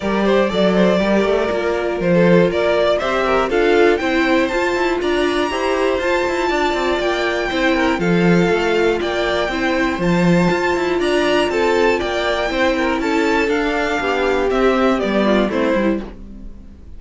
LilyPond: <<
  \new Staff \with { instrumentName = "violin" } { \time 4/4 \tempo 4 = 120 d''1 | c''4 d''4 e''4 f''4 | g''4 a''4 ais''2 | a''2 g''2 |
f''2 g''2 | a''2 ais''4 a''4 | g''2 a''4 f''4~ | f''4 e''4 d''4 c''4 | }
  \new Staff \with { instrumentName = "violin" } { \time 4/4 ais'8 c''8 d''8 c''8 ais'2~ | ais'16 a'8. ais'8. d''16 c''8 ais'8 a'4 | c''2 d''4 c''4~ | c''4 d''2 c''8 ais'8 |
a'2 d''4 c''4~ | c''2 d''4 a'4 | d''4 c''8 ais'8 a'2 | g'2~ g'8 f'8 e'4 | }
  \new Staff \with { instrumentName = "viola" } { \time 4/4 g'4 a'4 g'4 f'4~ | f'2 g'4 f'4 | e'4 f'2 g'4 | f'2. e'4 |
f'2. e'4 | f'1~ | f'4 e'2 d'4~ | d'4 c'4 b4 c'8 e'8 | }
  \new Staff \with { instrumentName = "cello" } { \time 4/4 g4 fis4 g8 a8 ais4 | f4 ais4 c'4 d'4 | c'4 f'8 e'8 d'4 e'4 | f'8 e'8 d'8 c'8 ais4 c'4 |
f4 a4 ais4 c'4 | f4 f'8 e'8 d'4 c'4 | ais4 c'4 cis'4 d'4 | b4 c'4 g4 a8 g8 | }
>>